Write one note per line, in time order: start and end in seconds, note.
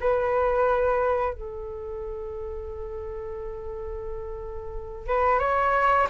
0.00 1.33 B4
1.33 5.07 A4
5.07 5.39 B4
5.39 6.07 C#5